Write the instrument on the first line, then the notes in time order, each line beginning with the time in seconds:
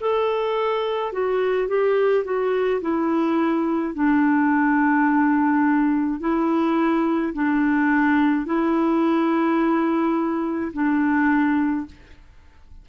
clarinet
0.00 A4
1.12 F#4
1.68 G4
2.24 F#4
2.81 E4
3.94 D4
6.20 E4
7.33 D4
8.45 E4
10.72 D4